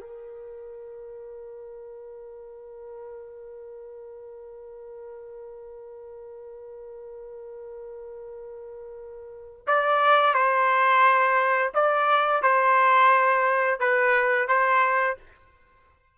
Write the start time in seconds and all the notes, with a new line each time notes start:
0.00 A#4
9.66 D5
10.34 C5
11.74 D5
12.42 C5
13.79 B4
14.47 C5